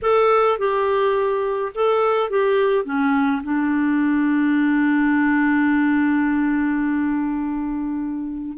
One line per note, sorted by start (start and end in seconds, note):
0.02 0.58 A4
0.58 1.72 G4
1.74 2.30 A4
2.30 2.84 G4
2.84 3.42 C#4
3.43 8.57 D4